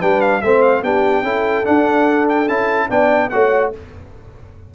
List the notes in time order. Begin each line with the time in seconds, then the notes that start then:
0.00 G3 D4 B4 G5
0.21 F5
0.41 A3 C4 C5 E5
0.62 F5
0.82 B3 D4 G4 G5
1.22 C#4 E4 A4
1.64 D4 F#5
2.29 G5
2.48 C#4 E4 A5
2.89 B3 D4 D5 G5
3.29 A3 F#4 C#5 F#5